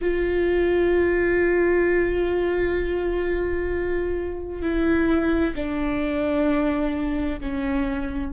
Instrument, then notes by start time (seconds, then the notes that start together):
viola
0.01 F4
4.62 E4
5.55 D4
7.40 C#4